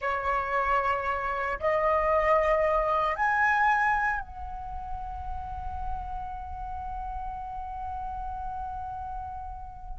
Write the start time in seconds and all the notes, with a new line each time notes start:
0.01 C#5
1.59 D#5
3.15 G#5
4.20 F#5